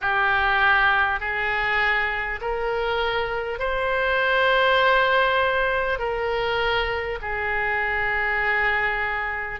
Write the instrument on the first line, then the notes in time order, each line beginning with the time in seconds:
oboe
0.01 G4
1.19 G#4
2.41 A#4
3.59 C5
5.98 A#4
7.21 G#4